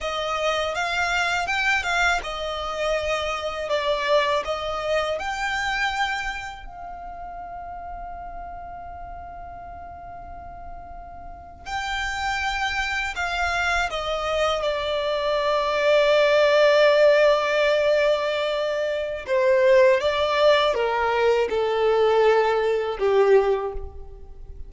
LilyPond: \new Staff \with { instrumentName = "violin" } { \time 4/4 \tempo 4 = 81 dis''4 f''4 g''8 f''8 dis''4~ | dis''4 d''4 dis''4 g''4~ | g''4 f''2.~ | f''2.~ f''8. g''16~ |
g''4.~ g''16 f''4 dis''4 d''16~ | d''1~ | d''2 c''4 d''4 | ais'4 a'2 g'4 | }